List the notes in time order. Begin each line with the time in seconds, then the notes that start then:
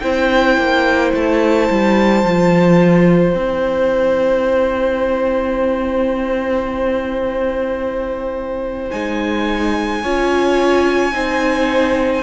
0.00 C4 E4 C5 G5
0.58 A#3
1.14 A3 A5
1.70 G3
2.24 F3 F4
3.34 C4 E4 G5
8.91 G#3 D#4 G#5
10.03 C#4 F4 C#5
11.12 C4 D#4 C5